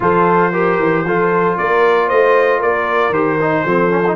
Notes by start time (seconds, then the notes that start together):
0.00 F3 F4 A4 C5
0.52 G4 A#4
0.78 E3
1.04 F3 F4 A4
1.57 A#3 A#4 D5
2.07 A3 C5 D#5
2.58 A#3 A#4 D5
3.09 D#3 G4 C5
3.41 D#4
3.65 F3 C4 A4
3.89 C#4
4.07 D#4